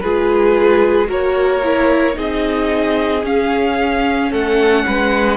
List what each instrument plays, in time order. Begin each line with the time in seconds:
0.00 cello G#3, viola F4, violin G#4 B4
1.06 cello A#3, viola F#4, violin A#4 C#5
1.64 viola E4
2.14 cello C4, viola D#4, violin G#4 D#5
3.23 viola C#4, cello C#4, violin F5
4.31 cello A3, violin A4 F#5
4.86 cello G#3, violin B4